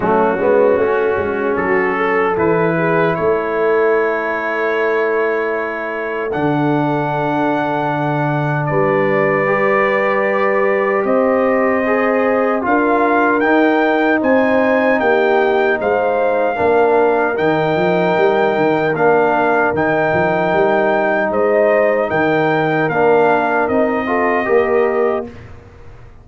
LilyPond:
<<
  \new Staff \with { instrumentName = "trumpet" } { \time 4/4 \tempo 4 = 76 fis'2 a'4 b'4 | cis''1 | fis''2. d''4~ | d''2 dis''2 |
f''4 g''4 gis''4 g''4 | f''2 g''2 | f''4 g''2 dis''4 | g''4 f''4 dis''2 | }
  \new Staff \with { instrumentName = "horn" } { \time 4/4 cis'2 fis'8 a'4 gis'8 | a'1~ | a'2. b'4~ | b'2 c''2 |
ais'2 c''4 g'4 | c''4 ais'2.~ | ais'2. c''4 | ais'2~ ais'8 a'8 ais'4 | }
  \new Staff \with { instrumentName = "trombone" } { \time 4/4 a8 b8 cis'2 e'4~ | e'1 | d'1 | g'2. gis'4 |
f'4 dis'2.~ | dis'4 d'4 dis'2 | d'4 dis'2.~ | dis'4 d'4 dis'8 f'8 g'4 | }
  \new Staff \with { instrumentName = "tuba" } { \time 4/4 fis8 gis8 a8 gis8 fis4 e4 | a1 | d2. g4~ | g2 c'2 |
d'4 dis'4 c'4 ais4 | gis4 ais4 dis8 f8 g8 dis8 | ais4 dis8 f8 g4 gis4 | dis4 ais4 c'4 ais4 | }
>>